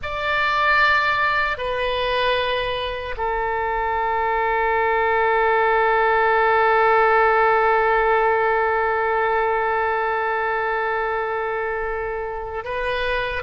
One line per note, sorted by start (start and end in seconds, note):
0.02 1.57 D5
1.57 3.15 B4
3.17 12.64 A4
12.64 13.42 B4